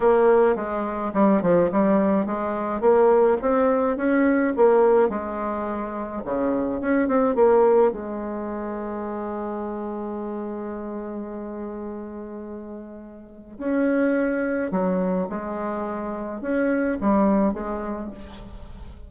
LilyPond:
\new Staff \with { instrumentName = "bassoon" } { \time 4/4 \tempo 4 = 106 ais4 gis4 g8 f8 g4 | gis4 ais4 c'4 cis'4 | ais4 gis2 cis4 | cis'8 c'8 ais4 gis2~ |
gis1~ | gis1 | cis'2 fis4 gis4~ | gis4 cis'4 g4 gis4 | }